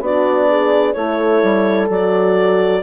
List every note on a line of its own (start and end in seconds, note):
0.00 0.94 B3
0.00 0.95 D4
0.00 0.48 F#4
0.00 0.93 D5
0.48 0.95 G#4
0.93 1.42 A3
0.93 1.88 E4
0.93 2.82 A4
0.93 1.86 C#5
1.42 1.89 G3
1.89 2.82 F#3
1.89 2.82 F#4
1.89 2.82 D5